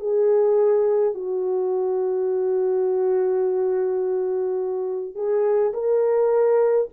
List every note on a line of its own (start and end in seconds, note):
0.00 1.15 G#4
1.15 5.16 F#4
5.16 5.73 G#4
5.74 6.89 A#4